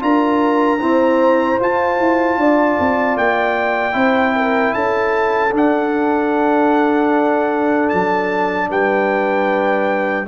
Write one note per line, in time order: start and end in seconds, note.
0.00 0.81 D4
0.00 0.79 F4
0.00 0.82 A#4
0.00 1.60 A#5
0.80 1.59 C4
0.80 1.60 E4
0.80 2.39 C5
1.59 3.92 F4
1.59 1.99 F4
1.59 3.18 A5
2.00 2.37 E4
2.37 2.77 D4
2.37 3.95 D5
2.79 3.16 C4
3.16 3.95 A#3
3.16 4.74 G5
3.92 4.74 C4
3.92 5.50 E4
3.92 4.35 C5
4.36 4.74 A#4
4.74 5.53 C#4
4.74 8.69 A4
4.74 5.53 A5
5.52 10.25 D4
5.52 7.90 D4
5.52 7.89 F#5
7.89 8.70 F#3
7.89 8.68 A5
8.70 10.27 G3
8.70 10.27 B4
8.70 10.27 G5